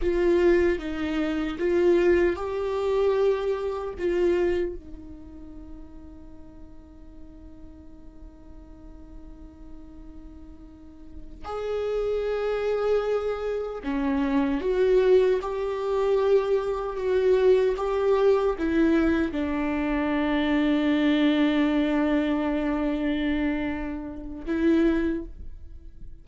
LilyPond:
\new Staff \with { instrumentName = "viola" } { \time 4/4 \tempo 4 = 76 f'4 dis'4 f'4 g'4~ | g'4 f'4 dis'2~ | dis'1~ | dis'2~ dis'8 gis'4.~ |
gis'4. cis'4 fis'4 g'8~ | g'4. fis'4 g'4 e'8~ | e'8 d'2.~ d'8~ | d'2. e'4 | }